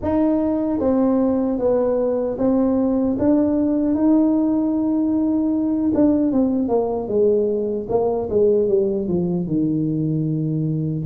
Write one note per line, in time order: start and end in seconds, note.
0.02 0.79 D#4
0.79 1.58 C4
1.58 2.37 B3
2.38 3.17 C4
3.18 3.94 D4
3.94 5.92 D#4
5.94 6.32 D4
6.32 6.68 C4
6.68 7.08 A#3
7.08 7.87 G#3
7.89 8.29 A#3
8.29 8.68 G#3
8.68 9.08 G3
9.08 9.47 F3
9.47 11.05 D#3